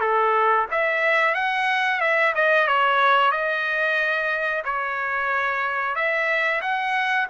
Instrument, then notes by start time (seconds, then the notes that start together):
trumpet
0.00 A4
0.70 E5
1.34 F#5
2.00 E5
2.34 D#5
2.67 C#5
3.31 D#5
4.64 C#5
5.95 E5
6.61 F#5